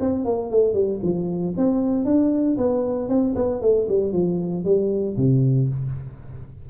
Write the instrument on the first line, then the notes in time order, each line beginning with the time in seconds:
tuba
0.00 C4
0.25 A#3
0.50 A3
0.74 G3
1.03 F3
1.57 C4
2.05 D4
2.57 B3
3.09 C4
3.35 B3
3.61 A3
3.88 G3
4.12 F3
4.64 G3
5.17 C3